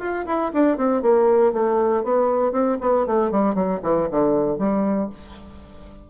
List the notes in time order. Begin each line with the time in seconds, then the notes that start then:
0.00 F4
0.27 E4
0.54 D4
0.78 C4
1.02 A#3
1.53 A3
2.04 B3
2.52 C4
2.81 B3
3.07 A3
3.32 G3
3.55 F#3
3.83 E3
4.11 D3
4.59 G3